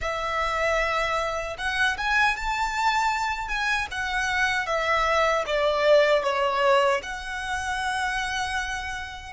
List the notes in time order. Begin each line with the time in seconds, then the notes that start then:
0.01 E5
1.58 F#5
1.97 G#5
2.36 A5
3.48 G#5
3.91 F#5
4.66 E5
5.46 D5
6.23 C#5
7.02 F#5